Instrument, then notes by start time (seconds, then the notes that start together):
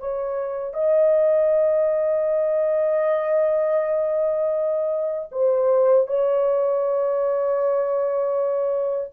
horn
0.00 C#5
0.74 D#5
5.32 C5
6.07 C#5